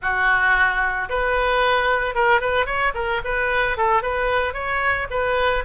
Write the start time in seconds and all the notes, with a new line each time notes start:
0.01 F#4
1.09 B4
2.15 A#4
2.40 B4
2.65 C#5
2.94 A#4
3.24 B4
3.77 A4
4.02 B4
4.53 C#5
5.10 B4